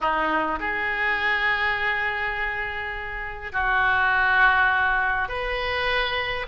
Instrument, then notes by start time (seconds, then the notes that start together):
oboe
0.00 D#4
0.59 G#4
3.52 F#4
5.28 B4